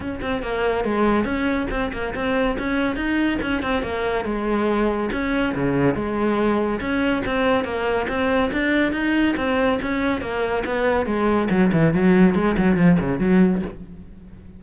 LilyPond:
\new Staff \with { instrumentName = "cello" } { \time 4/4 \tempo 4 = 141 cis'8 c'8 ais4 gis4 cis'4 | c'8 ais8 c'4 cis'4 dis'4 | cis'8 c'8 ais4 gis2 | cis'4 cis4 gis2 |
cis'4 c'4 ais4 c'4 | d'4 dis'4 c'4 cis'4 | ais4 b4 gis4 fis8 e8 | fis4 gis8 fis8 f8 cis8 fis4 | }